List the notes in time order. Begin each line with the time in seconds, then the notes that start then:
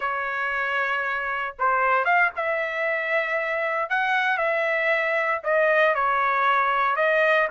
0.00 C#5
1.58 C5
2.04 F5
2.36 E5
3.89 F#5
4.37 E5
5.43 D#5
5.94 C#5
6.96 D#5